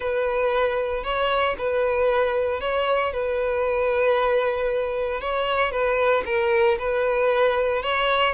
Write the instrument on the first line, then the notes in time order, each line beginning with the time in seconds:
violin
0.00 B4
1.03 C#5
1.57 B4
2.60 C#5
3.12 B4
5.20 C#5
5.71 B4
6.25 A#4
6.78 B4
7.82 C#5